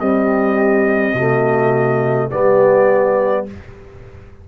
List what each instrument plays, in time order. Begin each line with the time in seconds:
0.00 trombone G3, tuba C4, horn G4, trumpet D#5
1.14 tuba C3, trombone A3, horn F#4
2.31 tuba G3, trombone B3, horn G4, trumpet D5